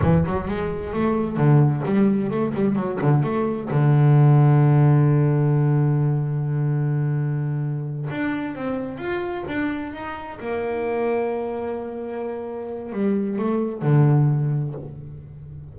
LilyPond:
\new Staff \with { instrumentName = "double bass" } { \time 4/4 \tempo 4 = 130 e8 fis8 gis4 a4 d4 | g4 a8 g8 fis8 d8 a4 | d1~ | d1~ |
d4. d'4 c'4 f'8~ | f'8 d'4 dis'4 ais4.~ | ais1 | g4 a4 d2 | }